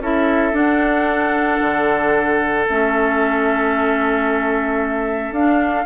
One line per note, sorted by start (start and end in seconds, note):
0.00 0.53 C#4
0.00 0.53 E4
0.00 5.86 A4
0.00 0.56 E5
0.53 2.65 D4
0.53 1.59 D4
0.53 2.68 F#5
1.61 2.67 D3
2.68 5.31 A3
2.68 5.35 C#4
2.68 5.34 E5
5.31 5.84 D4
5.31 5.86 D4
5.31 5.86 F5